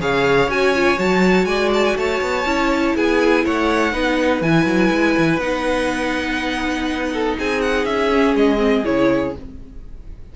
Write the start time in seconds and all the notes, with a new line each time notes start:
0.00 C#3 G#4 C#5 F5
0.48 C#4 F#4 G#5
0.75 F4
0.97 F#3 F#4 A5
1.45 G#3 D5 G#5
1.73 A5
1.85 G#5
1.96 A3 C#5 A5
2.21 B3
2.45 C#4 E4
2.96 B3 G#4 G#5
3.44 A3 C#5 F#5
3.92 B3 D#4 B4
4.41 E3 E4 G#5
4.65 F#3
4.91 G#3
5.18 E3
5.38 B3 D#4 F#5
7.12 A4
7.39 C4 G#4 G#5
7.61 F#5
7.85 C#4 E5
8.12 C#4
8.35 G#3 D#5
8.58 C4
8.85 C#3 E4 C#5